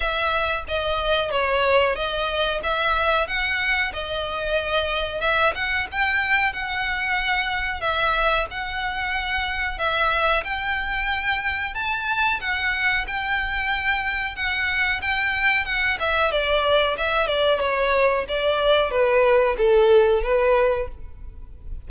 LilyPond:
\new Staff \with { instrumentName = "violin" } { \time 4/4 \tempo 4 = 92 e''4 dis''4 cis''4 dis''4 | e''4 fis''4 dis''2 | e''8 fis''8 g''4 fis''2 | e''4 fis''2 e''4 |
g''2 a''4 fis''4 | g''2 fis''4 g''4 | fis''8 e''8 d''4 e''8 d''8 cis''4 | d''4 b'4 a'4 b'4 | }